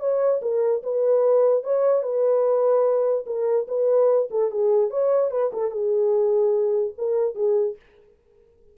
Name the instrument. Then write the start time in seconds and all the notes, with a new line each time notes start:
horn
0.00 C#5
0.42 A#4
0.83 B4
1.63 C#5
2.03 B4
3.26 A#4
3.68 B4
4.31 A4
4.51 G#4
4.90 C#5
5.31 B4
5.53 A4
5.71 G#4
6.98 A#4
7.35 G#4